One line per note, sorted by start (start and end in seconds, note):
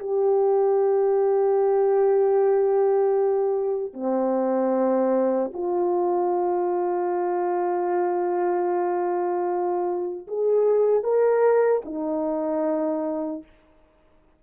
0.00 3.94 G4
3.94 5.52 C4
5.54 10.27 F4
10.28 11.04 G#4
11.04 11.83 A#4
11.85 13.43 D#4